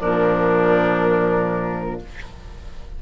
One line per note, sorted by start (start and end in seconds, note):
0.00 2.02 A#2
0.00 2.00 F3
0.00 2.00 D4
0.00 2.01 A#4